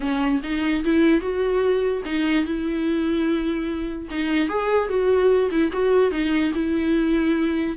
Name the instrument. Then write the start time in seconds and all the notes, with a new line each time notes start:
viola
0.00 C#4
0.43 D#4
0.84 E4
1.20 F#4
2.05 D#4
2.45 E4
4.10 D#4
4.48 G#4
4.88 F#4
5.50 E4
5.72 F#4
6.11 D#4
6.54 E4